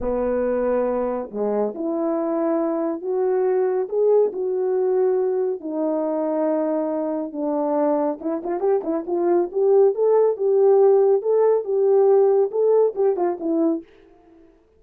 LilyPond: \new Staff \with { instrumentName = "horn" } { \time 4/4 \tempo 4 = 139 b2. gis4 | e'2. fis'4~ | fis'4 gis'4 fis'2~ | fis'4 dis'2.~ |
dis'4 d'2 e'8 f'8 | g'8 e'8 f'4 g'4 a'4 | g'2 a'4 g'4~ | g'4 a'4 g'8 f'8 e'4 | }